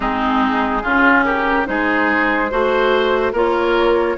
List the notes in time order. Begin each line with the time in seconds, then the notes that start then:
0.00 G#3 C4 D#4 G#4
0.82 C#3 C#4 F4
1.24 G4 A#4
1.65 G#3 D#4 G#4 C5
2.50 A3 F#4 C5
3.32 A#3 F4 A#4 C#5